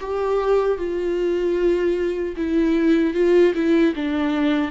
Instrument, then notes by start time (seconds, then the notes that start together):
viola
0.00 G4
0.78 F4
2.36 E4
3.14 F4
3.54 E4
3.95 D4